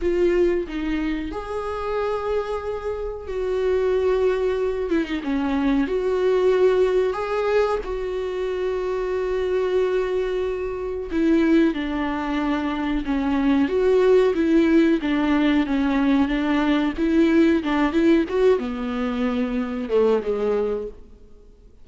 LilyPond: \new Staff \with { instrumentName = "viola" } { \time 4/4 \tempo 4 = 92 f'4 dis'4 gis'2~ | gis'4 fis'2~ fis'8 e'16 dis'16 | cis'4 fis'2 gis'4 | fis'1~ |
fis'4 e'4 d'2 | cis'4 fis'4 e'4 d'4 | cis'4 d'4 e'4 d'8 e'8 | fis'8 b2 a8 gis4 | }